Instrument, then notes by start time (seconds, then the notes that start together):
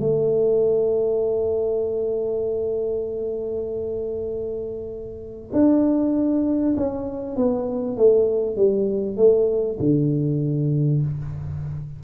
tuba
0.00 A3
5.53 D4
6.77 C#4
7.37 B3
7.97 A3
8.56 G3
9.17 A3
9.80 D3